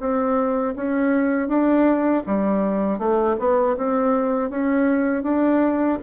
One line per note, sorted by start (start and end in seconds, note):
0.00 0.75 C4
0.76 1.48 C#4
1.48 2.23 D4
2.26 2.99 G3
2.99 3.36 A3
3.39 3.77 B3
3.77 4.50 C4
4.50 5.23 C#4
5.23 5.98 D4